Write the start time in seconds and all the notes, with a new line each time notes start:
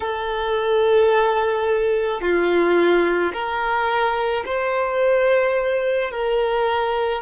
0.00 A4
2.21 F4
3.33 A#4
4.45 C5
6.11 A#4